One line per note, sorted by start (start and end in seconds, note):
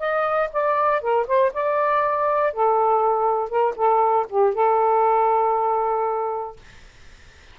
0.00 0.50 D#5
0.53 1.02 D5
1.02 1.27 A#4
1.28 1.53 C5
1.54 2.53 D5
2.53 3.50 A4
3.50 3.75 A#4
3.76 4.27 A4
4.29 4.55 G4
4.55 6.57 A4